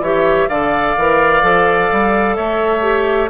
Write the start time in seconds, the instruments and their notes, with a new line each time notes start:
0.00 bassoon E3, clarinet G4, oboe C#5, flute E5
0.49 bassoon D3, clarinet A4, oboe D5, flute F5
0.97 bassoon E3, clarinet A#4
1.43 bassoon F3, clarinet A4
1.92 bassoon G3
2.36 bassoon A3, oboe C#5, flute E5
2.82 clarinet G4